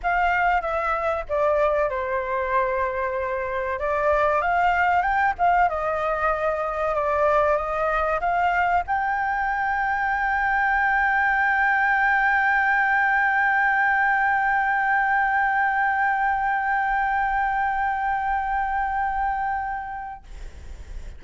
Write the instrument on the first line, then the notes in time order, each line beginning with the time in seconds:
flute
0.03 F5
0.61 E5
1.28 D5
1.89 C5
3.79 D5
4.41 F5
5.02 G5
5.38 F5
5.68 D#5
6.94 D5
7.56 D#5
8.20 F5
8.87 G5